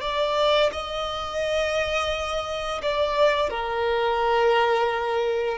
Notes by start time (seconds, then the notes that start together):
0.00 D5
0.72 D#5
2.82 D5
3.49 A#4